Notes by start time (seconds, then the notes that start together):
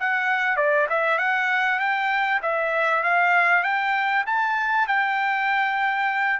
0.00 F#5
0.56 D5
0.89 E5
1.18 F#5
1.79 G5
2.42 E5
3.03 F5
3.63 G5
4.26 A5
4.87 G5